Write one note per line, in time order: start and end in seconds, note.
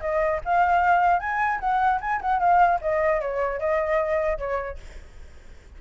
0.00 0.40 D#5
0.44 1.19 F5
1.19 1.59 G#5
1.59 1.99 F#5
2.00 2.20 G#5
2.21 2.39 F#5
2.39 2.79 F5
2.81 3.21 D#5
3.21 3.59 C#5
3.59 4.37 D#5
4.37 4.77 C#5